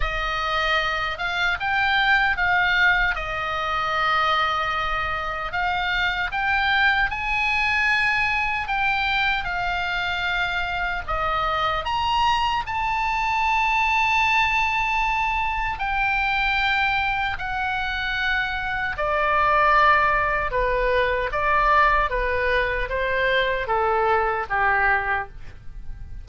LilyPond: \new Staff \with { instrumentName = "oboe" } { \time 4/4 \tempo 4 = 76 dis''4. f''8 g''4 f''4 | dis''2. f''4 | g''4 gis''2 g''4 | f''2 dis''4 ais''4 |
a''1 | g''2 fis''2 | d''2 b'4 d''4 | b'4 c''4 a'4 g'4 | }